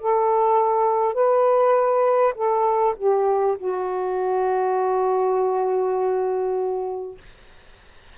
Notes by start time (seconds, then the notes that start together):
0.00 A4
1.14 B4
2.35 A4
2.97 G4
3.58 F#4